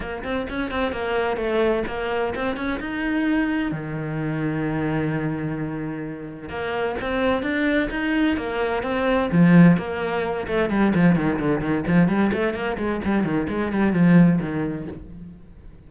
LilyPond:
\new Staff \with { instrumentName = "cello" } { \time 4/4 \tempo 4 = 129 ais8 c'8 cis'8 c'8 ais4 a4 | ais4 c'8 cis'8 dis'2 | dis1~ | dis2 ais4 c'4 |
d'4 dis'4 ais4 c'4 | f4 ais4. a8 g8 f8 | dis8 d8 dis8 f8 g8 a8 ais8 gis8 | g8 dis8 gis8 g8 f4 dis4 | }